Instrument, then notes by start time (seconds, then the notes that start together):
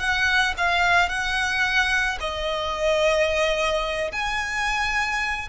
violin
0.00 F#5
0.58 F5
1.10 F#5
2.21 D#5
4.13 G#5